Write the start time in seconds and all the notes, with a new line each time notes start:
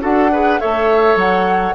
0.00 D4 F#4 A4 F#5
0.32 G#4 B4
0.59 A3 A4 C#5 E5
1.16 F#3 F#5